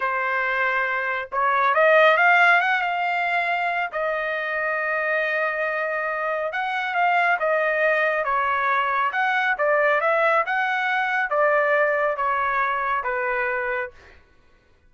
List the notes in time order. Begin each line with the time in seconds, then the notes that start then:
0.00 C5
1.32 C#5
1.74 D#5
2.17 F5
2.60 F#5
2.81 F5
3.92 D#5
6.52 F#5
6.94 F5
7.39 D#5
8.24 C#5
9.12 F#5
9.58 D5
10.00 E5
10.46 F#5
11.29 D5
12.17 C#5
13.03 B4